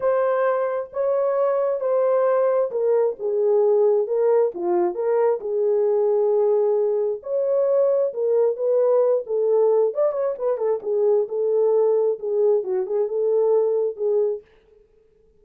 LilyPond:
\new Staff \with { instrumentName = "horn" } { \time 4/4 \tempo 4 = 133 c''2 cis''2 | c''2 ais'4 gis'4~ | gis'4 ais'4 f'4 ais'4 | gis'1 |
cis''2 ais'4 b'4~ | b'8 a'4. d''8 cis''8 b'8 a'8 | gis'4 a'2 gis'4 | fis'8 gis'8 a'2 gis'4 | }